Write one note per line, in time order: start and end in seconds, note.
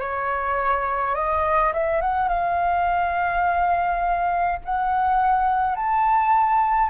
0.00 1.15 C#5
1.15 1.73 D#5
1.74 2.01 E5
2.01 2.29 F#5
2.29 4.59 F5
4.65 5.76 F#5
5.76 6.90 A5